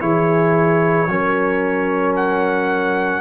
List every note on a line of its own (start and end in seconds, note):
0.00 1.07 E3
0.00 1.07 E4
0.00 1.08 G#4
0.00 2.14 C#5
1.07 3.21 F#3
1.07 3.21 C#4
1.07 3.21 A#4
2.15 3.21 F#5